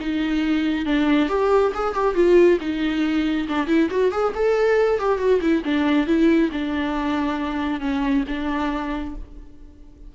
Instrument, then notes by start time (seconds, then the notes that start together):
viola
0.00 D#4
0.86 D4
1.29 G4
1.74 G#4
1.94 G4
2.15 F4
2.60 D#4
3.48 D4
3.67 E4
3.90 F#4
4.11 G#4
4.35 A4
4.99 G4
5.18 F#4
5.41 E4
5.65 D4
6.07 E4
6.52 D4
7.80 C#4
8.28 D4